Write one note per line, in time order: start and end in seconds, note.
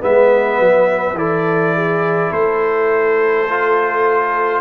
0.00 0.59 G#3
0.00 1.15 B3
0.00 1.18 B4
0.00 1.18 E5
0.59 1.13 F#3
1.13 2.29 E3
1.13 3.47 E4
1.13 1.75 A4
1.13 2.32 D5
1.75 2.30 G#4
2.30 4.61 A3
2.30 4.61 A4
2.30 4.61 C5
3.50 4.61 F4